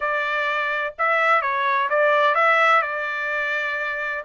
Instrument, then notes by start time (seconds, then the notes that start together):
trumpet
0.00 D5
0.98 E5
1.41 C#5
1.89 D5
2.35 E5
2.82 D5